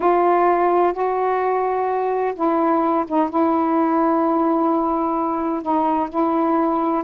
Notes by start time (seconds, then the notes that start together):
0.00 F4
0.93 F#4
2.34 E4
3.07 D#4
3.29 E4
5.62 D#4
6.09 E4